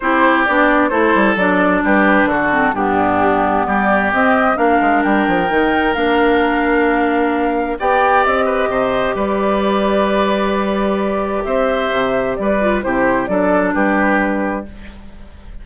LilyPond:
<<
  \new Staff \with { instrumentName = "flute" } { \time 4/4 \tempo 4 = 131 c''4 d''4 c''4 d''4 | b'4 a'4 g'2 | d''4 dis''4 f''4 g''4~ | g''4 f''2.~ |
f''4 g''4 dis''2 | d''1~ | d''4 e''2 d''4 | c''4 d''4 b'2 | }
  \new Staff \with { instrumentName = "oboe" } { \time 4/4 g'2 a'2 | g'4 fis'4 d'2 | g'2 ais'2~ | ais'1~ |
ais'4 d''4. b'8 c''4 | b'1~ | b'4 c''2 b'4 | g'4 a'4 g'2 | }
  \new Staff \with { instrumentName = "clarinet" } { \time 4/4 e'4 d'4 e'4 d'4~ | d'4. c'8 b2~ | b4 c'4 d'2 | dis'4 d'2.~ |
d'4 g'2.~ | g'1~ | g'2.~ g'8 f'8 | e'4 d'2. | }
  \new Staff \with { instrumentName = "bassoon" } { \time 4/4 c'4 b4 a8 g8 fis4 | g4 d4 g,2 | g4 c'4 ais8 gis8 g8 f8 | dis4 ais2.~ |
ais4 b4 c'4 c4 | g1~ | g4 c'4 c4 g4 | c4 fis4 g2 | }
>>